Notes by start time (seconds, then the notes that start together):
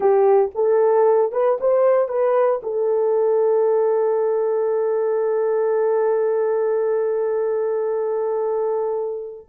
0.00 G4
0.54 A4
1.32 B4
1.60 C5
2.08 B4
2.62 A4